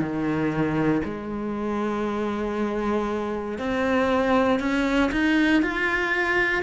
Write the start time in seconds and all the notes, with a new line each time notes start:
0.00 D#3
1.04 G#3
3.58 C4
4.60 C#4
5.12 D#4
5.63 F4